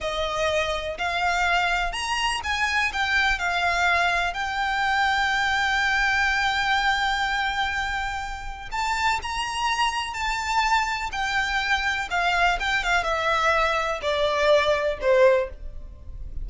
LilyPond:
\new Staff \with { instrumentName = "violin" } { \time 4/4 \tempo 4 = 124 dis''2 f''2 | ais''4 gis''4 g''4 f''4~ | f''4 g''2.~ | g''1~ |
g''2 a''4 ais''4~ | ais''4 a''2 g''4~ | g''4 f''4 g''8 f''8 e''4~ | e''4 d''2 c''4 | }